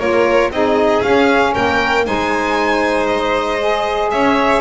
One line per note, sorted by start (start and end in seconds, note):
0.00 0.51 A#3
0.00 0.51 F4
0.00 0.51 A#4
0.00 0.51 C#5
0.51 1.03 C4
0.51 1.03 D#4
0.51 1.54 G#4
0.51 1.03 D#5
1.03 2.05 C#4
1.03 1.55 C#4
1.03 1.54 F5
1.54 2.08 A#3
1.54 2.05 A#4
1.54 2.06 G5
2.05 4.13 G#3
2.05 3.59 D#4
2.05 4.11 C5
2.05 3.07 G#5
3.07 4.09 D#5
3.62 4.61 G#4
4.11 4.61 C#4
4.11 4.61 C#5
4.11 4.61 E5